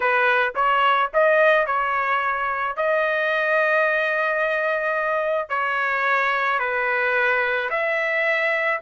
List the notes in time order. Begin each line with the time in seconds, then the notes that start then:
0.00 B4
0.55 C#5
1.13 D#5
1.66 C#5
2.76 D#5
5.49 C#5
6.59 B4
7.69 E5